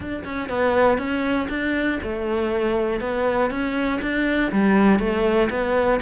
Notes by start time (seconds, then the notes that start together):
0.00 D4
0.24 C#4
0.49 B3
0.98 C#4
1.49 D4
2.02 A3
3.00 B3
3.50 C#4
4.01 D4
4.52 G3
4.99 A3
5.50 B3